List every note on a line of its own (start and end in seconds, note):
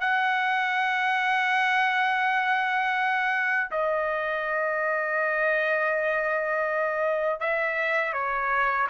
0.00 3.70 F#5
3.71 7.40 D#5
7.40 8.13 E5
8.13 8.87 C#5